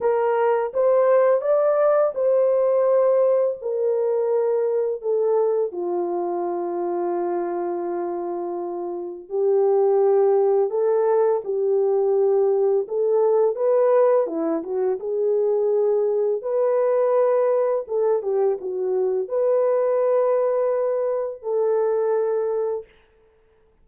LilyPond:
\new Staff \with { instrumentName = "horn" } { \time 4/4 \tempo 4 = 84 ais'4 c''4 d''4 c''4~ | c''4 ais'2 a'4 | f'1~ | f'4 g'2 a'4 |
g'2 a'4 b'4 | e'8 fis'8 gis'2 b'4~ | b'4 a'8 g'8 fis'4 b'4~ | b'2 a'2 | }